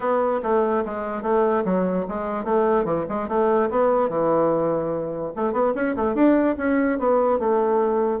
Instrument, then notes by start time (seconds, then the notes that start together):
bassoon
0.00 B3
0.42 A3
0.85 G#3
1.22 A3
1.64 F#3
2.08 G#3
2.44 A3
2.84 E3
3.09 G#3
3.28 A3
3.70 B3
4.09 E3
5.36 A3
5.53 B3
5.75 C#4
5.96 A3
6.14 D4
6.57 C#4
6.98 B3
7.39 A3